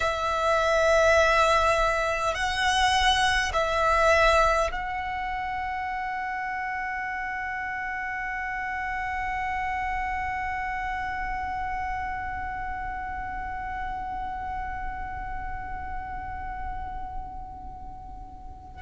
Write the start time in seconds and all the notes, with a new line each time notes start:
0.00 E5
2.34 F#5
3.53 E5
4.71 F#5